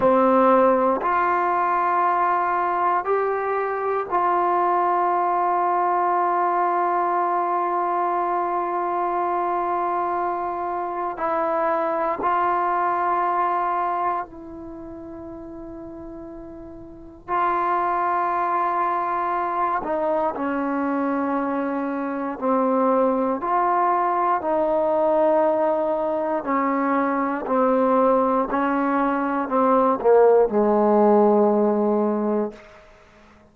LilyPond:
\new Staff \with { instrumentName = "trombone" } { \time 4/4 \tempo 4 = 59 c'4 f'2 g'4 | f'1~ | f'2. e'4 | f'2 e'2~ |
e'4 f'2~ f'8 dis'8 | cis'2 c'4 f'4 | dis'2 cis'4 c'4 | cis'4 c'8 ais8 gis2 | }